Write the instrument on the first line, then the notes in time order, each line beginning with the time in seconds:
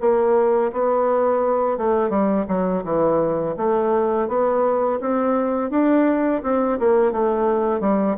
bassoon
0.00 A#3
0.72 B3
1.77 A3
2.09 G3
2.48 F#3
2.84 E3
3.56 A3
4.28 B3
5.00 C4
5.70 D4
6.43 C4
6.79 A#3
7.12 A3
7.80 G3